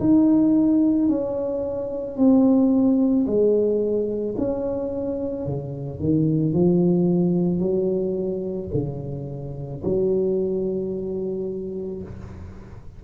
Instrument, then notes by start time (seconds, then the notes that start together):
tuba
0.00 D#4
1.09 C#4
2.17 C4
3.27 G#3
4.38 C#4
5.46 C#3
6.00 D#3
6.54 F3
7.60 F#3
8.74 C#3
9.84 F#3